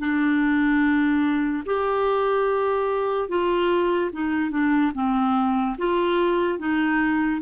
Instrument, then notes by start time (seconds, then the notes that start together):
clarinet
0.00 D4
1.66 G4
3.29 F4
4.13 D#4
4.51 D4
4.95 C4
5.78 F4
6.59 D#4